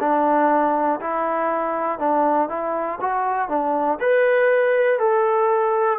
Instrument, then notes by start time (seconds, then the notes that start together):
trombone
0.00 D4
1.01 E4
1.99 D4
2.50 E4
3.00 F#4
3.49 D4
4.00 B4
4.99 A4